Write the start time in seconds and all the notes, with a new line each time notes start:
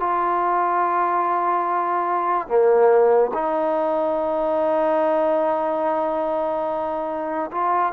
0.00 F4
2.48 A#3
3.34 D#4
7.52 F4